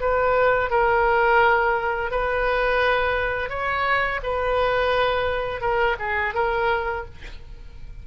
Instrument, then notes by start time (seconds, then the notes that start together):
oboe
0.00 B4
0.70 A#4
2.10 B4
3.49 C#5
4.23 B4
5.61 A#4
5.99 G#4
6.34 A#4